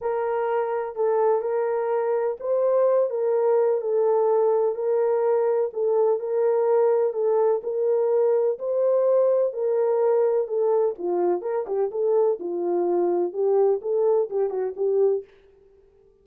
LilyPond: \new Staff \with { instrumentName = "horn" } { \time 4/4 \tempo 4 = 126 ais'2 a'4 ais'4~ | ais'4 c''4. ais'4. | a'2 ais'2 | a'4 ais'2 a'4 |
ais'2 c''2 | ais'2 a'4 f'4 | ais'8 g'8 a'4 f'2 | g'4 a'4 g'8 fis'8 g'4 | }